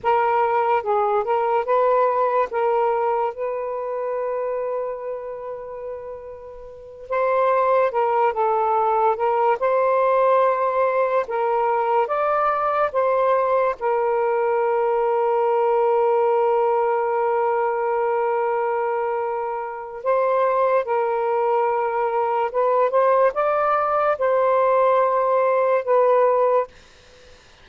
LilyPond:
\new Staff \with { instrumentName = "saxophone" } { \time 4/4 \tempo 4 = 72 ais'4 gis'8 ais'8 b'4 ais'4 | b'1~ | b'8 c''4 ais'8 a'4 ais'8 c''8~ | c''4. ais'4 d''4 c''8~ |
c''8 ais'2.~ ais'8~ | ais'1 | c''4 ais'2 b'8 c''8 | d''4 c''2 b'4 | }